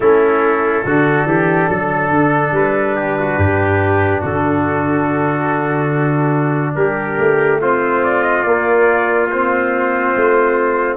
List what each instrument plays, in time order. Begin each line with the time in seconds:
0.00 tuba A3, trombone C#4, trumpet E4 A4
0.84 tuba D3, trombone D4, trumpet F#4
1.25 tuba E3, trumpet G4
1.69 tuba F#3, trumpet A4
2.10 tuba D3
2.51 tuba G3, trumpet B4
2.96 trumpet G4
3.19 trumpet F#4
3.37 tuba G2, trumpet G4
4.20 tuba D3, trumpet F#4 A4
6.75 tuba G3, trumpet G4 A#4
7.17 tuba A3
7.61 trombone C4, trumpet F4 C5
8.04 trumpet D5
8.22 trumpet D#5
8.43 tuba A#3, trombone A#3, trumpet D5
9.30 trombone C4, trumpet C5
10.15 tuba A3